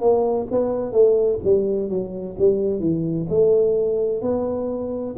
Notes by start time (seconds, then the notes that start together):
0.00 A#3
0.51 B3
0.92 A3
1.44 G3
1.89 F#3
2.39 G3
2.80 E3
3.29 A3
4.21 B3